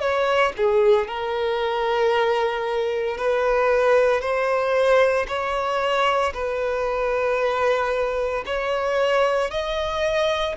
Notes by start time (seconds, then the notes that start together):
0.00 C#5
0.57 G#4
1.08 A#4
3.18 B4
4.21 C5
5.28 C#5
6.34 B4
8.46 C#5
9.51 D#5